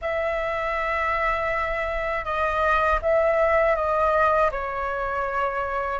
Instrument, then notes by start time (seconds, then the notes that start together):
flute
0.01 E5
2.24 D#5
3.02 E5
3.75 D#5
4.51 C#5